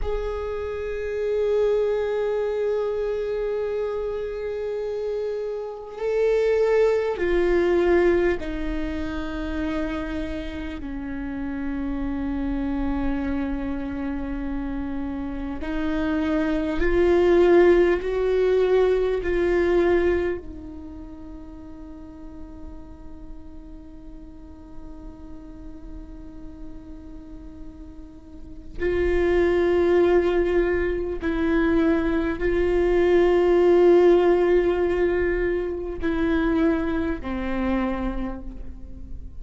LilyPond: \new Staff \with { instrumentName = "viola" } { \time 4/4 \tempo 4 = 50 gis'1~ | gis'4 a'4 f'4 dis'4~ | dis'4 cis'2.~ | cis'4 dis'4 f'4 fis'4 |
f'4 dis'2.~ | dis'1 | f'2 e'4 f'4~ | f'2 e'4 c'4 | }